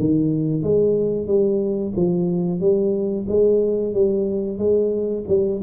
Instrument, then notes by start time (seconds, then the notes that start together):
tuba
0.00 D#3
0.63 G#3
1.27 G3
1.97 F3
2.61 G3
3.29 G#3
3.94 G3
4.59 G#3
5.29 G3